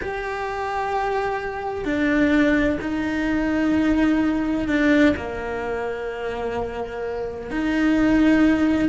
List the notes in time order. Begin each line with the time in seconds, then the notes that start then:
0.01 G4
1.84 D4
2.81 D#4
4.68 D4
5.16 A#3
7.51 D#4